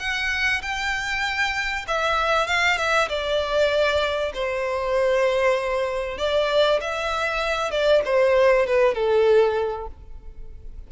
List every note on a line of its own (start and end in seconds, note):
0.00 0.62 F#5
0.62 1.86 G5
1.88 2.48 E5
2.48 2.78 F5
2.78 3.09 E5
3.09 4.33 D5
4.34 6.18 C5
6.18 6.80 D5
6.81 7.71 E5
7.71 8.02 D5
8.06 8.67 C5
8.67 8.95 B4
8.95 9.87 A4